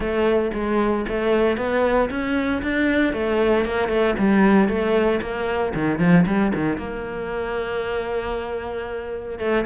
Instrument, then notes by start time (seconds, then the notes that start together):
cello
0.00 A3
0.53 G#3
1.08 A3
1.57 B3
2.10 C#4
2.62 D4
3.13 A3
3.65 A#3
3.88 A3
4.18 G3
4.68 A3
5.21 A#3
5.74 D#3
5.99 F3
6.26 G3
6.54 D#3
6.77 A#3
9.38 A3